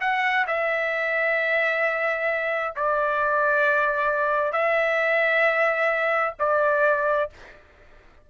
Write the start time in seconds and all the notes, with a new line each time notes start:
0.00 F#5
0.47 E5
2.76 D5
4.52 E5
6.39 D5